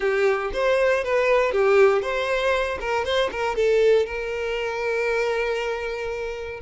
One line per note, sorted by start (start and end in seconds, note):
0.00 0.51 G4
0.53 1.04 C5
1.04 1.52 B4
1.52 2.02 G4
2.02 2.78 C5
2.80 3.04 A#4
3.04 3.30 C5
3.31 3.55 A#4
3.55 4.06 A4
4.06 6.60 A#4